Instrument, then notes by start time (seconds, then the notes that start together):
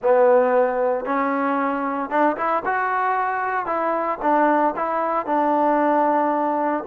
trombone
0.02 B3
1.05 C#4
2.10 D4
2.36 E4
2.65 F#4
3.66 E4
4.22 D4
4.75 E4
5.26 D4